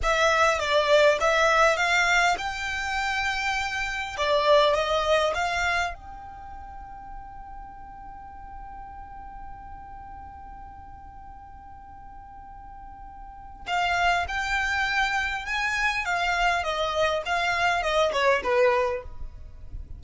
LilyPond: \new Staff \with { instrumentName = "violin" } { \time 4/4 \tempo 4 = 101 e''4 d''4 e''4 f''4 | g''2. d''4 | dis''4 f''4 g''2~ | g''1~ |
g''1~ | g''2. f''4 | g''2 gis''4 f''4 | dis''4 f''4 dis''8 cis''8 b'4 | }